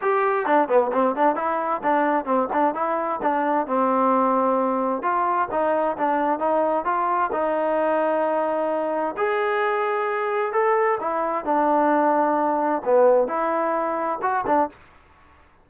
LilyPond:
\new Staff \with { instrumentName = "trombone" } { \time 4/4 \tempo 4 = 131 g'4 d'8 b8 c'8 d'8 e'4 | d'4 c'8 d'8 e'4 d'4 | c'2. f'4 | dis'4 d'4 dis'4 f'4 |
dis'1 | gis'2. a'4 | e'4 d'2. | b4 e'2 fis'8 d'8 | }